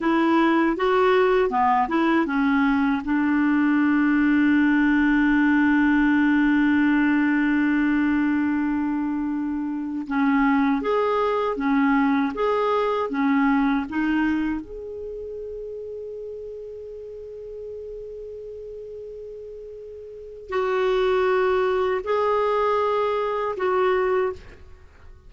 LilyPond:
\new Staff \with { instrumentName = "clarinet" } { \time 4/4 \tempo 4 = 79 e'4 fis'4 b8 e'8 cis'4 | d'1~ | d'1~ | d'4~ d'16 cis'4 gis'4 cis'8.~ |
cis'16 gis'4 cis'4 dis'4 gis'8.~ | gis'1~ | gis'2. fis'4~ | fis'4 gis'2 fis'4 | }